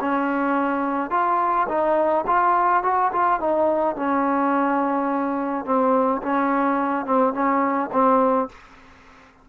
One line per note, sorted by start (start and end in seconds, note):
0.00 1.10 C#4
1.10 1.67 F4
1.68 2.25 D#4
2.26 2.83 F4
2.83 3.11 F#4
3.12 3.40 F4
3.40 3.96 D#4
3.96 5.65 C#4
5.65 6.21 C4
6.22 7.05 C#4
7.05 7.33 C4
7.33 7.90 C#4
7.92 8.49 C4